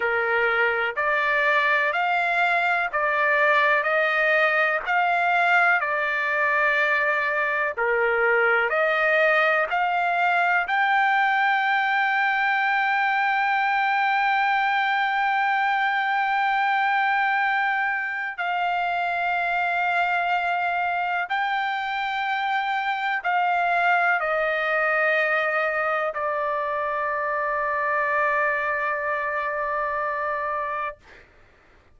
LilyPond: \new Staff \with { instrumentName = "trumpet" } { \time 4/4 \tempo 4 = 62 ais'4 d''4 f''4 d''4 | dis''4 f''4 d''2 | ais'4 dis''4 f''4 g''4~ | g''1~ |
g''2. f''4~ | f''2 g''2 | f''4 dis''2 d''4~ | d''1 | }